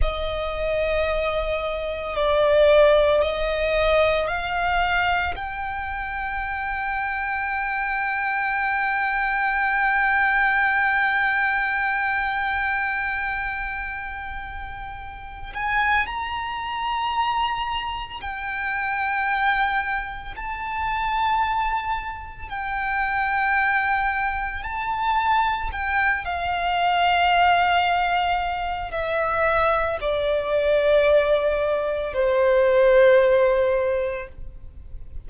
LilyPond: \new Staff \with { instrumentName = "violin" } { \time 4/4 \tempo 4 = 56 dis''2 d''4 dis''4 | f''4 g''2.~ | g''1~ | g''2~ g''8 gis''8 ais''4~ |
ais''4 g''2 a''4~ | a''4 g''2 a''4 | g''8 f''2~ f''8 e''4 | d''2 c''2 | }